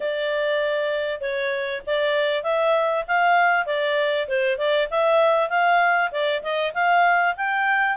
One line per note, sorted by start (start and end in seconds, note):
0.00 1.20 D5
1.20 1.81 C#5
1.86 2.43 D5
2.43 3.04 E5
3.08 3.65 F5
3.65 4.27 D5
4.27 4.58 C5
4.58 4.88 D5
4.90 5.49 E5
5.49 6.11 F5
6.11 6.42 D5
6.42 6.73 D#5
6.74 7.35 F5
7.36 7.97 G5